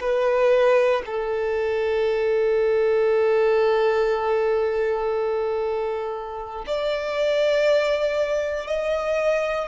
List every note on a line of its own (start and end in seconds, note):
0.00 1.02 B4
1.05 6.65 A4
6.66 8.67 D5
8.67 9.67 D#5